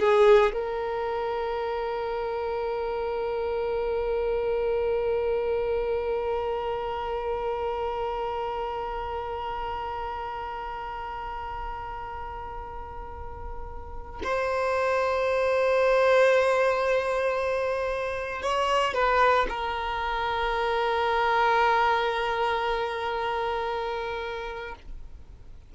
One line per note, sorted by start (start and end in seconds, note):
0.00 0.53 G#4
0.53 14.22 A#4
14.24 18.43 C5
18.43 18.94 C#5
18.94 19.47 B4
19.49 24.76 A#4